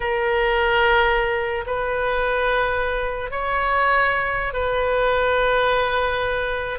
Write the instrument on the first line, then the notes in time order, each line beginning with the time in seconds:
oboe
0.00 A#4
1.66 B4
3.30 C#5
4.53 B4